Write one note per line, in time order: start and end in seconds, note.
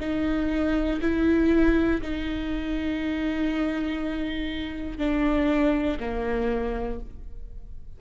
0.00 1.00 D#4
1.01 2.01 E4
2.01 4.98 D#4
4.98 5.98 D4
6.00 7.00 A#3